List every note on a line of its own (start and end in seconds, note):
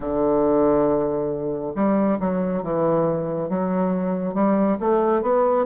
0.00 1.73 D3
1.75 2.18 G3
2.19 2.62 F#3
2.62 3.49 E3
3.49 4.34 F#3
4.34 4.77 G3
4.79 5.22 A3
5.22 5.65 B3